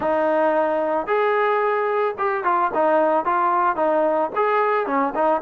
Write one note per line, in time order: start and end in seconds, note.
0.00 1.06 D#4
1.06 2.14 G#4
2.17 2.43 G4
2.43 2.71 F4
2.73 3.25 D#4
3.25 3.76 F4
3.76 4.30 D#4
4.35 4.86 G#4
4.86 5.13 C#4
5.14 5.41 D#4